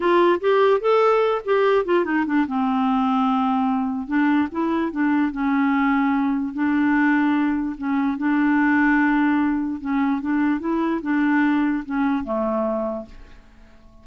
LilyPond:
\new Staff \with { instrumentName = "clarinet" } { \time 4/4 \tempo 4 = 147 f'4 g'4 a'4. g'8~ | g'8 f'8 dis'8 d'8 c'2~ | c'2 d'4 e'4 | d'4 cis'2. |
d'2. cis'4 | d'1 | cis'4 d'4 e'4 d'4~ | d'4 cis'4 a2 | }